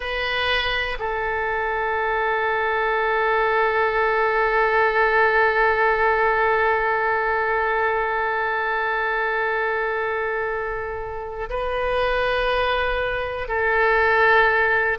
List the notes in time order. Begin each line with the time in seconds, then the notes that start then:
0.00 B4
0.99 A4
11.49 B4
13.48 A4